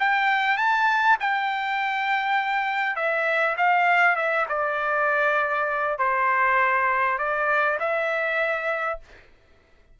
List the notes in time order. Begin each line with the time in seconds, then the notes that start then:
0.00 G5
0.57 A5
1.20 G5
2.96 E5
3.58 F5
4.16 E5
4.49 D5
5.99 C5
7.19 D5
7.80 E5